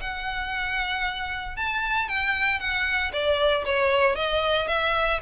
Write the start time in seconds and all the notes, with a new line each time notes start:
0.00 F#5
1.56 A5
2.08 G5
2.59 F#5
3.13 D5
3.65 C#5
4.15 D#5
4.67 E5